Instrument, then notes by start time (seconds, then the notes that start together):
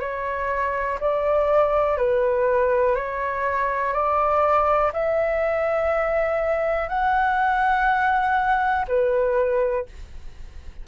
flute
0.00 C#5
1.00 D5
1.97 B4
2.95 C#5
3.93 D5
4.93 E5
6.88 F#5
8.87 B4